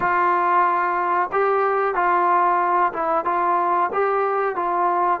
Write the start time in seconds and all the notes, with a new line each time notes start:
0.00 F4
1.32 G4
1.94 F4
2.92 E4
3.24 F4
3.92 G4
4.55 F4